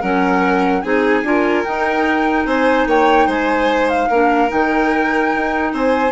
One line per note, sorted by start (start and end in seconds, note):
0.00 0.84 F#3
0.00 0.82 C#4
0.00 0.82 A#4
0.00 0.81 F#5
0.81 1.23 C4
0.81 1.23 D#4
0.81 1.25 G#4
0.81 1.63 G#5
1.23 1.64 D4
1.23 1.65 F4
1.23 2.46 A#4
1.64 4.11 D#4
1.64 2.45 D#4
1.64 2.45 G5
2.45 2.86 C4
2.45 2.87 C5
2.45 2.87 G#5
2.86 3.27 A#3
2.86 3.27 C#5
2.86 3.30 G5
3.27 4.08 G#3
3.27 4.08 C5
3.27 3.89 G#5
3.89 4.50 F5
4.09 4.50 A#3
4.09 4.48 D4
4.09 5.72 A#4
4.48 5.34 D#3
4.48 6.11 D#4
4.48 5.73 G5
5.34 5.73 D#4
5.73 6.11 C4
5.73 6.11 C5
5.73 6.11 G#5